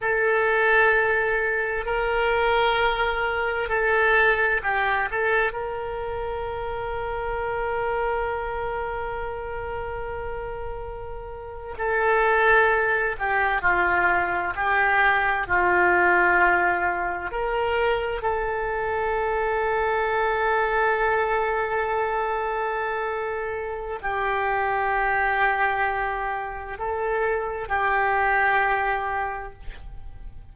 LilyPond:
\new Staff \with { instrumentName = "oboe" } { \time 4/4 \tempo 4 = 65 a'2 ais'2 | a'4 g'8 a'8 ais'2~ | ais'1~ | ais'8. a'4. g'8 f'4 g'16~ |
g'8. f'2 ais'4 a'16~ | a'1~ | a'2 g'2~ | g'4 a'4 g'2 | }